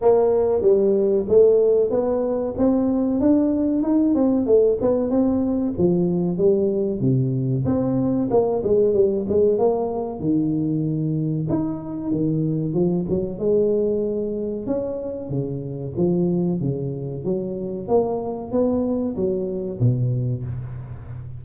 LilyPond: \new Staff \with { instrumentName = "tuba" } { \time 4/4 \tempo 4 = 94 ais4 g4 a4 b4 | c'4 d'4 dis'8 c'8 a8 b8 | c'4 f4 g4 c4 | c'4 ais8 gis8 g8 gis8 ais4 |
dis2 dis'4 dis4 | f8 fis8 gis2 cis'4 | cis4 f4 cis4 fis4 | ais4 b4 fis4 b,4 | }